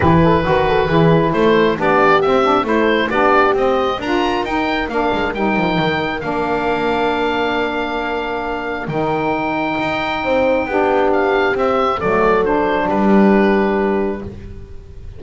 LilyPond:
<<
  \new Staff \with { instrumentName = "oboe" } { \time 4/4 \tempo 4 = 135 b'2. c''4 | d''4 e''4 c''4 d''4 | dis''4 ais''4 g''4 f''4 | g''2 f''2~ |
f''1 | g''1~ | g''4 f''4 e''4 d''4 | c''4 b'2. | }
  \new Staff \with { instrumentName = "horn" } { \time 4/4 g'8 a'8 b'8 a'8 gis'4 a'4 | g'2 a'4 g'4~ | g'4 ais'2.~ | ais'1~ |
ais'1~ | ais'2. c''4 | g'2. a'4~ | a'4 g'2. | }
  \new Staff \with { instrumentName = "saxophone" } { \time 4/4 e'4 fis'4 e'2 | d'4 c'8 d'8 e'4 d'4 | c'4 f'4 dis'4 d'4 | dis'2 d'2~ |
d'1 | dis'1 | d'2 c'4 a4 | d'1 | }
  \new Staff \with { instrumentName = "double bass" } { \time 4/4 e4 dis4 e4 a4 | b4 c'4 a4 b4 | c'4 d'4 dis'4 ais8 gis8 | g8 f8 dis4 ais2~ |
ais1 | dis2 dis'4 c'4 | b2 c'4 fis4~ | fis4 g2. | }
>>